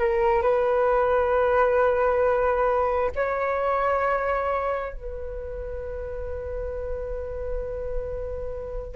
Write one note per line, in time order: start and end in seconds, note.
0.00 0.43 A#4
0.43 3.11 B4
3.16 4.93 C#5
4.93 8.96 B4